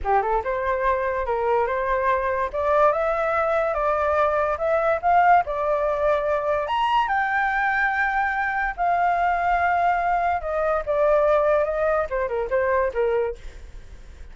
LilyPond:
\new Staff \with { instrumentName = "flute" } { \time 4/4 \tempo 4 = 144 g'8 a'8 c''2 ais'4 | c''2 d''4 e''4~ | e''4 d''2 e''4 | f''4 d''2. |
ais''4 g''2.~ | g''4 f''2.~ | f''4 dis''4 d''2 | dis''4 c''8 ais'8 c''4 ais'4 | }